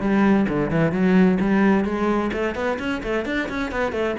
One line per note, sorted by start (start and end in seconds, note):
0.00 0.46 G3
0.48 0.70 D3
0.70 0.92 E3
0.92 1.38 F#3
1.40 1.84 G3
1.84 2.31 G#3
2.33 2.55 A3
2.55 2.78 B3
2.79 3.02 C#4
3.03 3.25 A3
3.25 3.48 D4
3.49 3.72 C#4
3.72 3.92 B3
3.92 4.15 A3